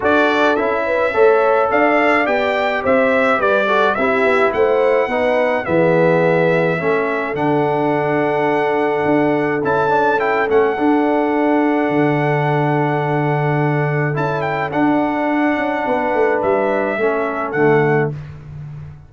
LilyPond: <<
  \new Staff \with { instrumentName = "trumpet" } { \time 4/4 \tempo 4 = 106 d''4 e''2 f''4 | g''4 e''4 d''4 e''4 | fis''2 e''2~ | e''4 fis''2.~ |
fis''4 a''4 g''8 fis''4.~ | fis''1~ | fis''4 a''8 g''8 fis''2~ | fis''4 e''2 fis''4 | }
  \new Staff \with { instrumentName = "horn" } { \time 4/4 a'4. b'8 cis''4 d''4~ | d''4 c''4 b'8 a'8 g'4 | c''4 b'4 gis'2 | a'1~ |
a'1~ | a'1~ | a'1 | b'2 a'2 | }
  \new Staff \with { instrumentName = "trombone" } { \time 4/4 fis'4 e'4 a'2 | g'2~ g'8 fis'8 e'4~ | e'4 dis'4 b2 | cis'4 d'2.~ |
d'4 e'8 d'8 e'8 cis'8 d'4~ | d'1~ | d'4 e'4 d'2~ | d'2 cis'4 a4 | }
  \new Staff \with { instrumentName = "tuba" } { \time 4/4 d'4 cis'4 a4 d'4 | b4 c'4 g4 c'8 b8 | a4 b4 e2 | a4 d2. |
d'4 cis'4. a8 d'4~ | d'4 d2.~ | d4 cis'4 d'4. cis'8 | b8 a8 g4 a4 d4 | }
>>